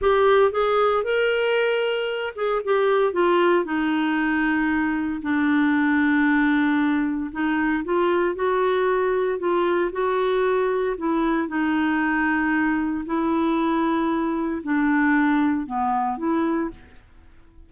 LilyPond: \new Staff \with { instrumentName = "clarinet" } { \time 4/4 \tempo 4 = 115 g'4 gis'4 ais'2~ | ais'8 gis'8 g'4 f'4 dis'4~ | dis'2 d'2~ | d'2 dis'4 f'4 |
fis'2 f'4 fis'4~ | fis'4 e'4 dis'2~ | dis'4 e'2. | d'2 b4 e'4 | }